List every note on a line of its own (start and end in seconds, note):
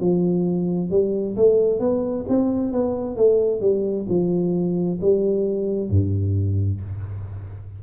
0.00 0.91 F3
0.91 1.36 G3
1.36 1.80 A3
1.80 2.25 B3
2.29 2.73 C4
2.73 3.17 B3
3.17 3.61 A3
3.61 4.07 G3
4.09 5.00 F3
5.02 5.90 G3
5.90 6.81 G2